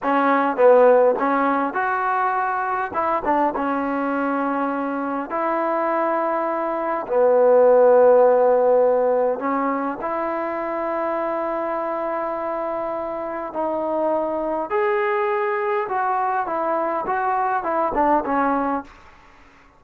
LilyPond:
\new Staff \with { instrumentName = "trombone" } { \time 4/4 \tempo 4 = 102 cis'4 b4 cis'4 fis'4~ | fis'4 e'8 d'8 cis'2~ | cis'4 e'2. | b1 |
cis'4 e'2.~ | e'2. dis'4~ | dis'4 gis'2 fis'4 | e'4 fis'4 e'8 d'8 cis'4 | }